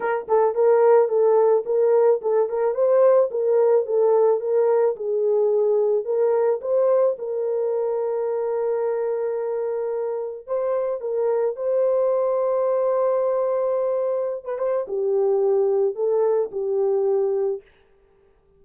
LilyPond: \new Staff \with { instrumentName = "horn" } { \time 4/4 \tempo 4 = 109 ais'8 a'8 ais'4 a'4 ais'4 | a'8 ais'8 c''4 ais'4 a'4 | ais'4 gis'2 ais'4 | c''4 ais'2.~ |
ais'2. c''4 | ais'4 c''2.~ | c''2~ c''16 b'16 c''8 g'4~ | g'4 a'4 g'2 | }